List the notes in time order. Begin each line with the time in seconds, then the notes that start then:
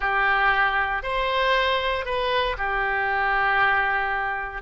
0.00 G4
1.02 C5
2.05 B4
2.57 G4